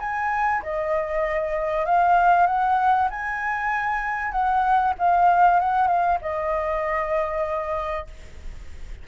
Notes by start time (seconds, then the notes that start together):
0.00 G#5
0.63 D#5
1.86 F5
2.47 F#5
3.10 G#5
4.32 F#5
4.99 F5
5.60 F#5
5.88 F5
6.21 D#5